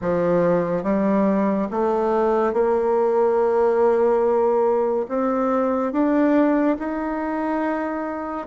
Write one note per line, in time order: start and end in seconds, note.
0.01 0.83 F3
0.83 1.67 G3
1.71 2.53 A3
2.53 5.06 A#3
5.08 5.92 C4
5.92 6.76 D4
6.78 8.46 D#4